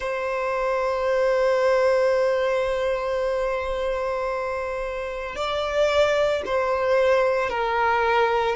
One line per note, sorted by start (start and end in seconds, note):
0.00 5.35 C5
5.35 6.42 D5
6.45 7.49 C5
7.49 8.55 A#4